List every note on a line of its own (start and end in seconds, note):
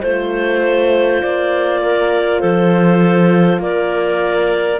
0.00 1.23 A3
0.00 4.80 F4
0.00 1.80 C5
0.00 1.22 C5
1.22 2.43 A#3
1.22 2.40 D5
1.82 2.40 A#4
2.40 3.59 F3
2.40 3.60 A4
2.40 3.60 C5
3.59 4.79 A#3
3.59 4.80 A#4
3.59 4.80 D5